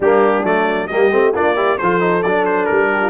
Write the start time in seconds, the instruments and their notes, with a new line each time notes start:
0.00 tuba G3, trombone A#3, horn D4, trumpet G4
0.43 tuba F#3, trombone A3, trumpet D5
0.87 tuba G3, trombone A#3, horn G4, trumpet D#5
1.10 tuba A3, trombone C4
1.34 tuba A#3, trombone D4, horn F4, trumpet D5
1.55 trombone E4, horn G4
1.78 tuba F3, trombone F4, horn A4, trumpet C5
1.99 trombone D#4
2.22 tuba F#3, trombone D4, trumpet D5
2.45 trumpet C5
2.65 tuba G3, trumpet A#4
2.91 horn G4
3.01 horn F4